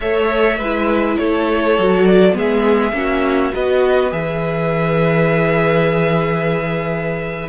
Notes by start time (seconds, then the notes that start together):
0.00 A3 A4 C#5 E5
0.58 G#3 E4 B4
1.18 A3 A4 C#5
1.78 F#3 F#4
2.05 D5
2.33 G#3 B3 G#4 E5
2.92 A#3 C#4 F#4
3.52 B3 F#4 B4 D#5
4.10 E3 G#4 E5